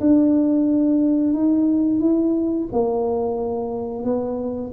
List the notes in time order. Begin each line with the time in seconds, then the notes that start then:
0.00 D4
1.33 D#4
2.00 E4
2.72 A#3
4.03 B3